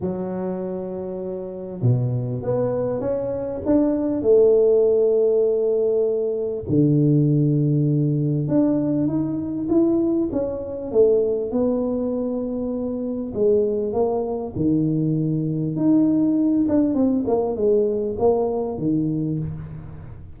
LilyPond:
\new Staff \with { instrumentName = "tuba" } { \time 4/4 \tempo 4 = 99 fis2. b,4 | b4 cis'4 d'4 a4~ | a2. d4~ | d2 d'4 dis'4 |
e'4 cis'4 a4 b4~ | b2 gis4 ais4 | dis2 dis'4. d'8 | c'8 ais8 gis4 ais4 dis4 | }